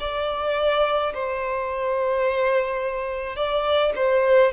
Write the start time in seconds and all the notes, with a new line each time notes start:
0.00 D5
1.14 C5
3.36 D5
3.96 C5